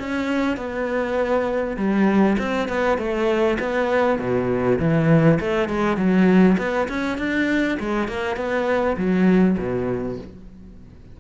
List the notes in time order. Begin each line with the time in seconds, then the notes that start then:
0.00 C#4
0.57 B3
1.77 G3
2.39 C4
2.69 B3
2.98 A3
3.60 B3
4.19 B2
4.80 E3
5.41 A3
5.69 G#3
5.97 F#3
6.59 B3
6.89 C#4
7.18 D4
7.80 G#3
8.09 A#3
8.37 B3
8.98 F#3
9.59 B2